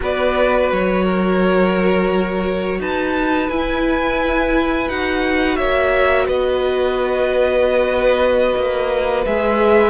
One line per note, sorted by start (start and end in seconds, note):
0.00 0.71 B3
0.00 3.48 F#4
0.00 1.04 B4
0.00 0.72 D5
0.71 2.79 F#3
0.71 2.81 C#5
1.04 2.78 A#4
2.79 3.49 D#4
2.79 5.58 B4
2.79 3.49 A5
3.49 4.89 E4
3.49 4.88 G#5
4.88 5.57 D#4
4.88 9.25 F#4
4.88 5.56 F#5
5.56 6.27 A#3
5.56 6.26 C#5
5.56 6.25 E5
6.26 8.55 B3
6.26 9.90 B4
6.26 9.24 D#5
8.56 9.25 A#3
9.25 9.90 G#3
9.25 9.90 G#4
9.25 9.90 E5